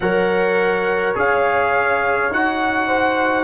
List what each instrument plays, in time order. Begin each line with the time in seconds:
0.00 tuba F#3, trombone A#4, horn C#5, trumpet F#5
1.14 tuba C#4, trombone G#4, trumpet F5
2.31 tuba D#4, trombone F#4, trumpet F#5
2.87 horn C5